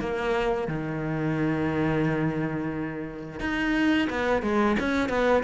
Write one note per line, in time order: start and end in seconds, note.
0.00 0.68 A#3
0.68 3.40 D#3
3.40 4.08 D#4
4.10 4.43 B3
4.43 4.77 G#3
4.80 5.10 C#4
5.10 5.44 B3